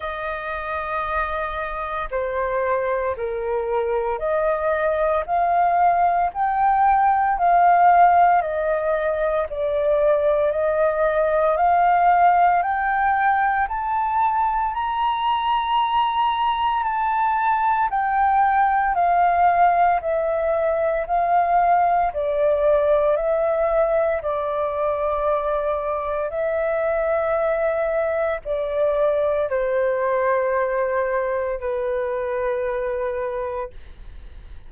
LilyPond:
\new Staff \with { instrumentName = "flute" } { \time 4/4 \tempo 4 = 57 dis''2 c''4 ais'4 | dis''4 f''4 g''4 f''4 | dis''4 d''4 dis''4 f''4 | g''4 a''4 ais''2 |
a''4 g''4 f''4 e''4 | f''4 d''4 e''4 d''4~ | d''4 e''2 d''4 | c''2 b'2 | }